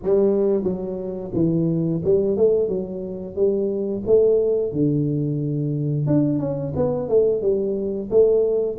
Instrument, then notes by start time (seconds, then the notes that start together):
tuba
0.02 G3
0.63 F#3
1.34 E3
2.04 G3
2.36 A3
2.68 F#3
3.35 G3
4.06 A3
4.72 D3
6.06 D4
6.39 C#4
6.75 B3
7.08 A3
7.41 G3
8.10 A3